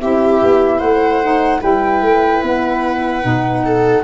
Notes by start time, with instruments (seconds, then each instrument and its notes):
0.00 tuba C4, saxophone E4, viola G4, flute E5
0.43 tuba B3
0.78 tuba A3, viola C5, flute F#5
1.23 saxophone D#4
1.61 tuba G3, saxophone E4, viola B4, flute G5
2.01 tuba A3
2.43 tuba B3, flute F#5
3.22 tuba B2, saxophone D#4
3.65 viola A4